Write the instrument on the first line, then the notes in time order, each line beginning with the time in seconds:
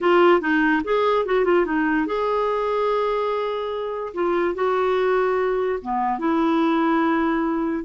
clarinet
0.00 F4
0.40 D#4
0.84 G#4
1.25 F#4
1.45 F4
1.65 D#4
2.06 G#4
4.14 F4
4.54 F#4
5.82 B3
6.18 E4